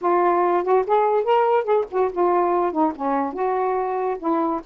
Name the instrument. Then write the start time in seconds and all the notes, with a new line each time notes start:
saxophone
0.01 F4
0.63 F#4
0.86 G#4
1.24 A#4
1.63 G#4
1.90 F#4
2.12 F4
2.71 D#4
2.95 C#4
3.33 F#4
4.18 E4